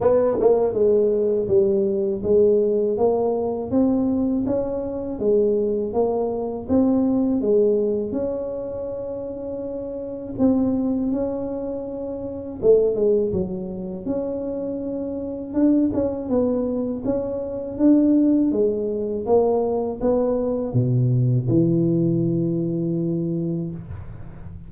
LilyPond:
\new Staff \with { instrumentName = "tuba" } { \time 4/4 \tempo 4 = 81 b8 ais8 gis4 g4 gis4 | ais4 c'4 cis'4 gis4 | ais4 c'4 gis4 cis'4~ | cis'2 c'4 cis'4~ |
cis'4 a8 gis8 fis4 cis'4~ | cis'4 d'8 cis'8 b4 cis'4 | d'4 gis4 ais4 b4 | b,4 e2. | }